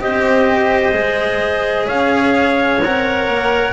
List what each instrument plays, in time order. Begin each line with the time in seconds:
0.00 double bass C4, cello G4, clarinet C5, trumpet D#5
0.92 double bass G#3, cello G#4
1.87 double bass C#4, clarinet C#5, trumpet F5
2.82 double bass C4, cello A#4, trumpet F#5
3.28 double bass A#3